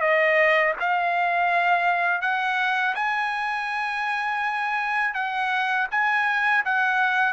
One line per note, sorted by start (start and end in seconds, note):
0.00 0.73 D#5
0.79 2.21 F5
2.21 2.94 F#5
2.95 5.14 G#5
5.14 5.87 F#5
5.90 6.64 G#5
6.65 7.33 F#5